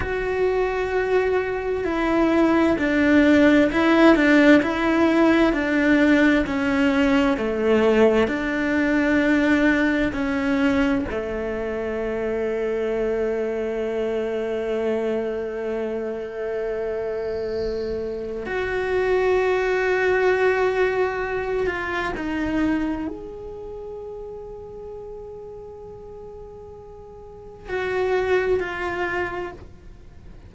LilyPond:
\new Staff \with { instrumentName = "cello" } { \time 4/4 \tempo 4 = 65 fis'2 e'4 d'4 | e'8 d'8 e'4 d'4 cis'4 | a4 d'2 cis'4 | a1~ |
a1 | fis'2.~ fis'8 f'8 | dis'4 gis'2.~ | gis'2 fis'4 f'4 | }